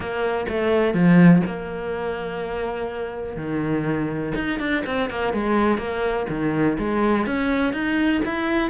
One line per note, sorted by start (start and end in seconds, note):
0.00 0.46 A#3
0.49 0.94 A3
0.94 1.42 F3
1.46 3.36 A#3
3.36 4.33 D#3
4.35 4.59 D#4
4.59 4.83 D4
4.85 5.10 C4
5.10 5.33 A#3
5.33 5.78 G#3
5.78 6.26 A#3
6.29 6.77 D#3
6.78 7.26 G#3
7.26 7.73 C#4
7.73 8.21 D#4
8.25 8.70 E4